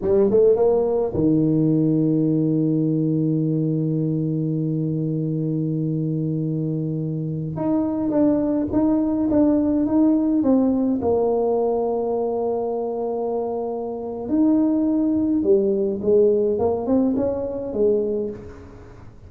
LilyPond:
\new Staff \with { instrumentName = "tuba" } { \time 4/4 \tempo 4 = 105 g8 a8 ais4 dis2~ | dis1~ | dis1~ | dis4~ dis16 dis'4 d'4 dis'8.~ |
dis'16 d'4 dis'4 c'4 ais8.~ | ais1~ | ais4 dis'2 g4 | gis4 ais8 c'8 cis'4 gis4 | }